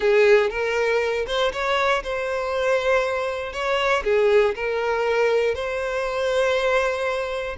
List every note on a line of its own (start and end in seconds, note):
0.00 0.50 G#4
0.50 1.25 A#4
1.26 1.51 C5
1.52 2.03 C#5
2.03 3.52 C5
3.52 4.03 C#5
4.04 4.54 G#4
4.55 5.54 A#4
5.54 7.56 C5